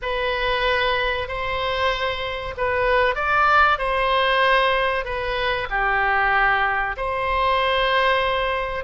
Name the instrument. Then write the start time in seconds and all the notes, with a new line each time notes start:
oboe
0.01 B4
1.28 C5
2.57 B4
3.15 D5
3.78 C5
5.04 B4
5.70 G4
6.96 C5